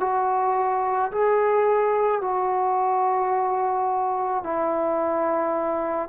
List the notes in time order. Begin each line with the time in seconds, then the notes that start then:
0.00 F#4
1.12 G#4
2.21 F#4
4.43 E4